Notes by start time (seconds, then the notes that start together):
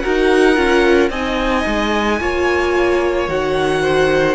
0.00 D#4 F#4 A#4 F#5
0.56 C#4 F4
1.10 C4 D#4 D#5 G#5
1.66 G#3
2.20 A#3 F4 C#5
3.28 D#3 F#4 F#5
3.82 C5